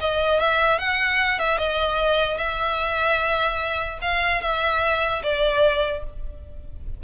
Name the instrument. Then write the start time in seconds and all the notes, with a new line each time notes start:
violin
0.00 D#5
0.40 E5
0.78 F#5
1.39 E5
1.58 D#5
2.37 E5
4.01 F5
4.41 E5
5.23 D5